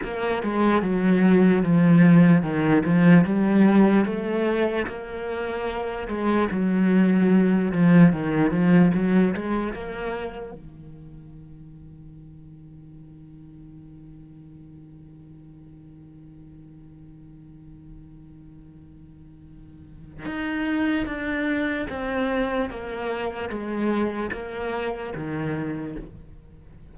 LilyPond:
\new Staff \with { instrumentName = "cello" } { \time 4/4 \tempo 4 = 74 ais8 gis8 fis4 f4 dis8 f8 | g4 a4 ais4. gis8 | fis4. f8 dis8 f8 fis8 gis8 | ais4 dis2.~ |
dis1~ | dis1~ | dis4 dis'4 d'4 c'4 | ais4 gis4 ais4 dis4 | }